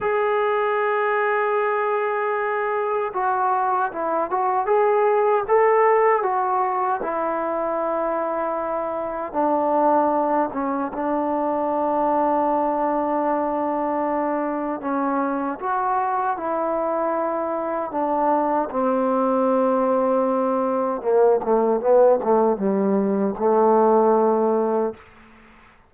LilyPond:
\new Staff \with { instrumentName = "trombone" } { \time 4/4 \tempo 4 = 77 gis'1 | fis'4 e'8 fis'8 gis'4 a'4 | fis'4 e'2. | d'4. cis'8 d'2~ |
d'2. cis'4 | fis'4 e'2 d'4 | c'2. ais8 a8 | b8 a8 g4 a2 | }